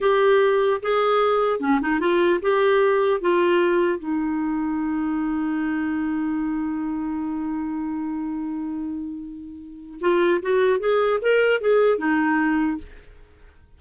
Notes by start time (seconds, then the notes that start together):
0.00 G4
0.82 G#4
1.60 C#4
1.81 D#4
1.99 F4
2.41 G4
3.20 F4
3.99 D#4
10.00 F4
10.42 F#4
10.79 G#4
11.21 A#4
11.60 G#4
11.97 D#4